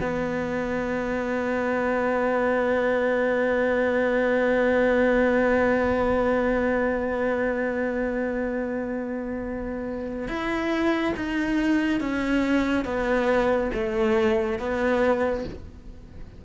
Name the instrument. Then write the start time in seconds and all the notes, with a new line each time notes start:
cello
0.00 B3
10.27 E4
11.16 D#4
12.00 C#4
12.85 B3
13.73 A3
14.58 B3